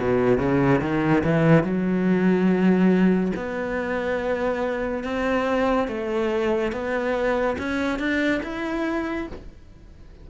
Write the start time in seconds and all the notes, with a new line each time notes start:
0.00 B2
0.38 C#3
0.81 D#3
1.24 E3
1.64 F#3
3.36 B3
5.04 C4
5.88 A3
6.73 B3
7.59 C#4
7.99 D4
8.44 E4